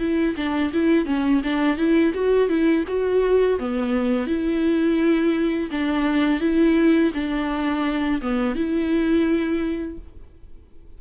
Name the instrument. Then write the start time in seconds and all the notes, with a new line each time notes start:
viola
0.00 E4
0.37 D4
0.74 E4
1.06 C#4
1.44 D4
1.78 E4
2.15 F#4
2.49 E4
2.88 F#4
3.60 B3
4.27 E4
5.72 D4
6.41 E4
7.15 D4
8.22 B3
8.56 E4